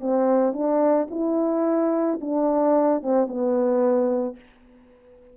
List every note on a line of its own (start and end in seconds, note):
0.00 0.53 C4
0.53 1.07 D4
1.10 2.19 E4
2.21 3.02 D4
3.02 3.27 C4
3.27 4.36 B3